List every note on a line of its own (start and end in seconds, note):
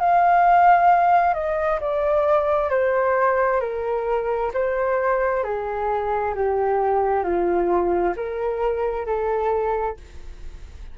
0.00 1.34 F5
1.34 1.79 D#5
1.80 2.70 D5
2.70 3.61 C5
3.61 4.52 A#4
4.54 5.43 C5
5.43 6.34 G#4
6.35 7.24 G4
7.24 8.14 F4
8.16 9.06 A#4
9.06 9.97 A4